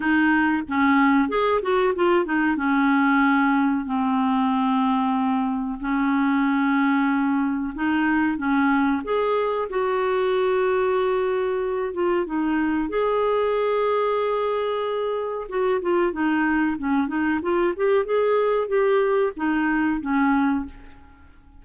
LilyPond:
\new Staff \with { instrumentName = "clarinet" } { \time 4/4 \tempo 4 = 93 dis'4 cis'4 gis'8 fis'8 f'8 dis'8 | cis'2 c'2~ | c'4 cis'2. | dis'4 cis'4 gis'4 fis'4~ |
fis'2~ fis'8 f'8 dis'4 | gis'1 | fis'8 f'8 dis'4 cis'8 dis'8 f'8 g'8 | gis'4 g'4 dis'4 cis'4 | }